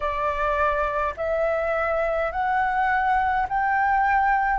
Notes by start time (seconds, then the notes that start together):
0.00 D5
1.16 E5
2.31 F#5
3.48 G5